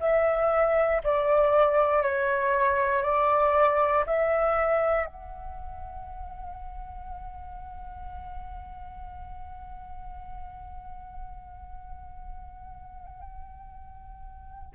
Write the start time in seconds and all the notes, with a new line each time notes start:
0.00 E5
1.04 D5
2.02 C#5
3.03 D5
4.06 E5
5.06 F#5